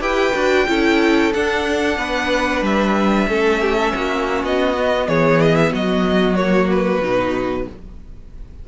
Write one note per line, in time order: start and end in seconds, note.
0.00 0.33 E4
0.00 0.33 G4
0.00 0.66 B4
0.00 1.32 G5
0.34 0.67 D4
0.34 0.67 F#4
0.67 1.33 C#4
0.67 1.32 E4
0.67 1.97 A4
1.33 1.97 D4
1.33 3.28 D4
1.33 2.64 F#5
1.97 2.61 B3
1.97 3.28 B4
2.61 3.26 G3
2.61 4.44 E5
3.27 3.92 A3
3.27 4.75 C#4
3.27 3.61 A4
3.61 3.75 G4
3.75 3.92 A4
3.93 4.43 A#3
3.93 5.07 F#4
4.43 5.07 B3
4.43 5.08 D#5
4.76 6.36 B3
5.07 5.72 E3
5.07 5.72 G#4
5.07 5.40 C#5
5.40 5.55 D#5
5.55 5.72 E5
5.72 7.01 F#3
5.72 7.68 F#4
5.72 6.35 D#5
6.35 7.01 A#3
6.35 6.68 C#5
6.70 7.68 B4
7.01 7.66 B2
7.01 7.68 D#4